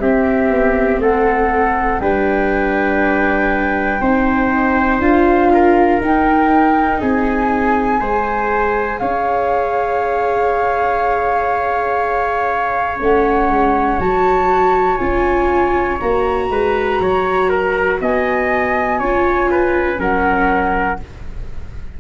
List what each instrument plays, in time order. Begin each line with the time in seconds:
0.00 tuba C4, viola C4, trumpet G4, flute E5
0.50 tuba B3
0.98 tuba A3, trumpet A4, flute F#5
2.00 tuba G3, viola D4, trumpet B4, flute G5
4.01 tuba C4, viola D#4, trumpet C5
4.99 tuba D4, viola F4, flute F5
5.53 trumpet A#4
6.01 viola D#4, tuba D#4, flute G5
6.99 tuba C4, trumpet G#4, flute G#5
8.00 tuba G#3, viola G#4, trumpet C5
8.99 tuba C#4, trumpet C#5, flute F5
13.00 tuba A3, viola C#4, flute F#5
13.49 tuba G#3
13.99 tuba F#3, viola F#4, flute A5
14.97 tuba C#4, viola F4, flute G#5
16.00 tuba A#3, viola F#4, flute A#5
16.50 tuba G#3, trumpet B4
17.00 tuba F#3, trumpet C#5
17.49 trumpet A#4
18.01 tuba B3, trumpet D#5, flute G#5
19.00 tuba C#4, viola F4, trumpet C#5
19.51 trumpet B4
19.98 tuba F#3, viola C#4, trumpet A#4, flute F#5